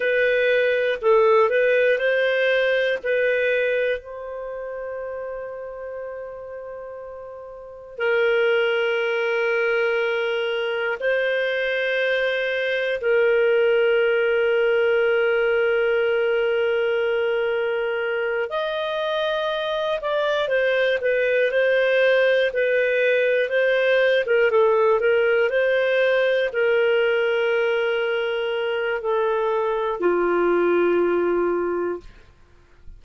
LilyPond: \new Staff \with { instrumentName = "clarinet" } { \time 4/4 \tempo 4 = 60 b'4 a'8 b'8 c''4 b'4 | c''1 | ais'2. c''4~ | c''4 ais'2.~ |
ais'2~ ais'8 dis''4. | d''8 c''8 b'8 c''4 b'4 c''8~ | c''16 ais'16 a'8 ais'8 c''4 ais'4.~ | ais'4 a'4 f'2 | }